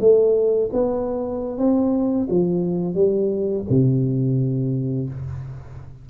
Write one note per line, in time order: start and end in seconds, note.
0.00 0.70 A3
0.73 1.58 B3
1.58 2.27 C4
2.30 2.94 F3
2.94 3.64 G3
3.69 5.09 C3